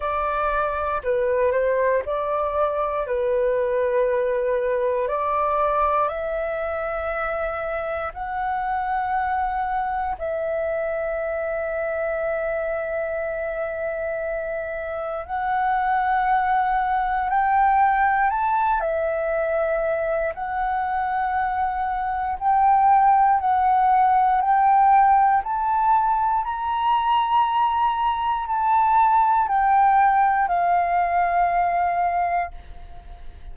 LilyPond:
\new Staff \with { instrumentName = "flute" } { \time 4/4 \tempo 4 = 59 d''4 b'8 c''8 d''4 b'4~ | b'4 d''4 e''2 | fis''2 e''2~ | e''2. fis''4~ |
fis''4 g''4 a''8 e''4. | fis''2 g''4 fis''4 | g''4 a''4 ais''2 | a''4 g''4 f''2 | }